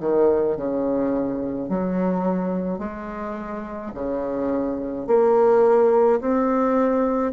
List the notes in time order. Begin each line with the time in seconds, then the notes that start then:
0.00 D#3
0.57 C#3
1.69 F#3
2.79 G#3
3.95 C#3
5.07 A#3
6.21 C4